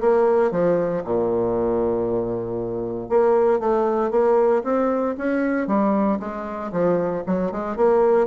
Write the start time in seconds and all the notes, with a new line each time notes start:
0.00 A#3
0.51 F3
1.04 A#2
3.09 A#3
3.59 A3
4.11 A#3
4.63 C4
5.17 C#4
5.67 G3
6.19 G#3
6.72 F3
7.26 F#3
7.51 G#3
7.76 A#3